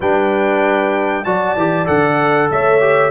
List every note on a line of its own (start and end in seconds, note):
0.00 1.24 G3
0.00 1.25 D4
0.00 1.24 B4
0.00 1.24 G5
1.24 1.56 F#3
1.24 1.56 F#4
1.24 2.50 D5
1.24 1.87 A5
1.56 1.87 E3
1.56 1.85 G4
1.85 2.51 D3
1.85 2.79 A4
1.85 2.49 F#5
2.51 3.10 A3
2.51 3.10 C#5
2.51 3.10 E5
2.80 3.10 G4